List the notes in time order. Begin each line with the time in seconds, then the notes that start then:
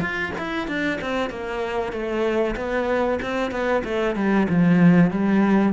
0.00 F4
0.38 E4
0.67 D4
1.01 C4
1.30 A#3
1.92 A3
2.56 B3
3.22 C4
3.51 B3
3.84 A3
4.15 G3
4.49 F3
5.11 G3